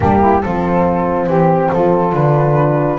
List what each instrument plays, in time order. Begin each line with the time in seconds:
0.00 double bass G3, horn A#3, saxophone D4, flute G4
0.19 saxophone E4
0.41 double bass F3, horn C4, saxophone F4, flute A4
1.27 double bass E3, saxophone G4, flute G4
1.72 double bass F3, saxophone F4, flute A4
2.13 double bass D3, horn D4, flute B4